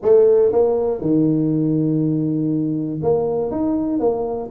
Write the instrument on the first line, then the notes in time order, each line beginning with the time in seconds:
tuba
0.02 A3
0.52 A#3
1.00 D#3
3.02 A#3
3.51 D#4
3.99 A#3